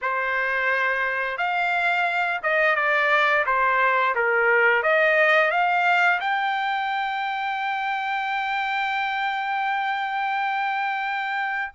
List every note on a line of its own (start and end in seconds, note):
0.01 1.37 C5
1.37 2.40 F5
2.42 2.75 D#5
2.75 3.44 D5
3.45 4.14 C5
4.15 4.82 A#4
4.82 5.50 D#5
5.50 6.19 F5
6.20 11.71 G5